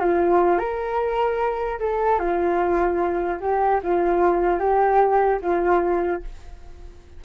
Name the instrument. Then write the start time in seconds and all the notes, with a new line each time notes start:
flute
0.00 F4
0.58 A#4
1.80 A4
2.19 F4
3.40 G4
3.83 F4
4.60 G4
5.42 F4